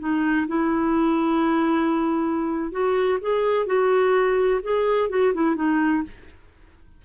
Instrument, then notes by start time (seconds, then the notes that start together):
clarinet
0.00 D#4
0.48 E4
2.72 F#4
3.21 G#4
3.67 F#4
4.63 G#4
5.10 F#4
5.34 E4
5.56 D#4